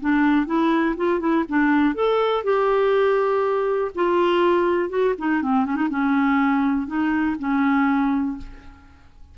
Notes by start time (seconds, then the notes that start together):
0.00 D4
0.46 E4
0.96 F4
1.19 E4
1.48 D4
1.94 A4
2.44 G4
3.95 F4
4.89 F#4
5.18 D#4
5.42 C4
5.65 C#4
5.76 D#4
5.89 C#4
6.87 D#4
7.39 C#4